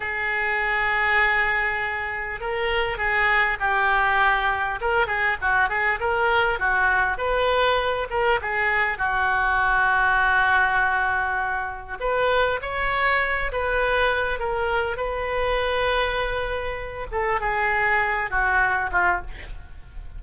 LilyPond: \new Staff \with { instrumentName = "oboe" } { \time 4/4 \tempo 4 = 100 gis'1 | ais'4 gis'4 g'2 | ais'8 gis'8 fis'8 gis'8 ais'4 fis'4 | b'4. ais'8 gis'4 fis'4~ |
fis'1 | b'4 cis''4. b'4. | ais'4 b'2.~ | b'8 a'8 gis'4. fis'4 f'8 | }